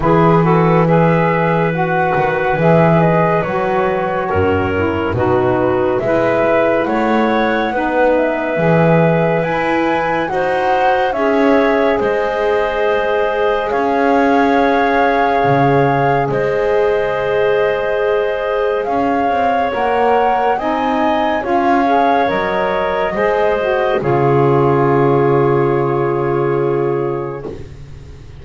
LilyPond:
<<
  \new Staff \with { instrumentName = "flute" } { \time 4/4 \tempo 4 = 70 b'4 e''4 fis''4 e''8 dis''8 | cis''2 b'4 e''4 | fis''4. e''4. gis''4 | fis''4 e''4 dis''2 |
f''2. dis''4~ | dis''2 f''4 fis''4 | gis''4 f''4 dis''2 | cis''1 | }
  \new Staff \with { instrumentName = "clarinet" } { \time 4/4 gis'8 a'8 b'2.~ | b'4 ais'4 fis'4 b'4 | cis''4 b'2. | c''4 cis''4 c''2 |
cis''2. c''4~ | c''2 cis''2 | dis''4 cis''2 c''4 | gis'1 | }
  \new Staff \with { instrumentName = "saxophone" } { \time 4/4 e'8 fis'8 gis'4 fis'4 gis'4 | fis'4. e'8 dis'4 e'4~ | e'4 dis'4 gis'4 e'4 | fis'4 gis'2.~ |
gis'1~ | gis'2. ais'4 | dis'4 f'8 gis'8 ais'4 gis'8 fis'8 | f'1 | }
  \new Staff \with { instrumentName = "double bass" } { \time 4/4 e2~ e8 dis8 e4 | fis4 fis,4 b,4 gis4 | a4 b4 e4 e'4 | dis'4 cis'4 gis2 |
cis'2 cis4 gis4~ | gis2 cis'8 c'8 ais4 | c'4 cis'4 fis4 gis4 | cis1 | }
>>